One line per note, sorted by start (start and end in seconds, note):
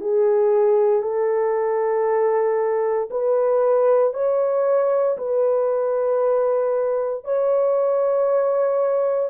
0.00 1.02 G#4
1.02 3.09 A4
3.10 4.13 B4
4.13 5.17 C#5
5.18 7.24 B4
7.24 9.30 C#5